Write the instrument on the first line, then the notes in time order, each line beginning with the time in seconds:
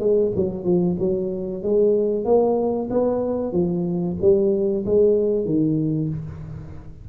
tuba
0.00 G#3
0.36 F#3
0.64 F3
1.00 F#3
1.63 G#3
2.25 A#3
2.90 B3
3.53 F3
4.21 G3
4.86 G#3
5.45 D#3